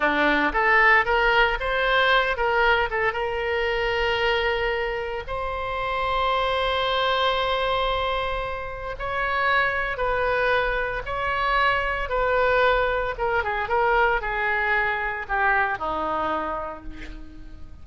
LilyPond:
\new Staff \with { instrumentName = "oboe" } { \time 4/4 \tempo 4 = 114 d'4 a'4 ais'4 c''4~ | c''8 ais'4 a'8 ais'2~ | ais'2 c''2~ | c''1~ |
c''4 cis''2 b'4~ | b'4 cis''2 b'4~ | b'4 ais'8 gis'8 ais'4 gis'4~ | gis'4 g'4 dis'2 | }